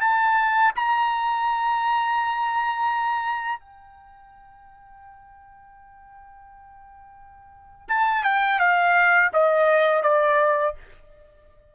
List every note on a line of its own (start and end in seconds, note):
0.00 0.71 A5
0.75 3.59 A#5
3.59 7.88 G5
7.88 8.24 A5
8.24 8.59 G5
8.59 9.30 F5
9.33 10.03 D#5
10.03 10.74 D5